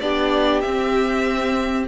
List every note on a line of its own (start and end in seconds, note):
0.00 0.63 B3
0.00 0.64 D4
0.00 1.88 G4
0.00 0.61 D5
0.61 1.88 C4
0.61 1.85 E5